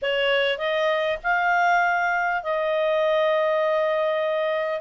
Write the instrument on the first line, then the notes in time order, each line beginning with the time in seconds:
clarinet
0.02 C#5
0.58 D#5
1.23 F5
2.43 D#5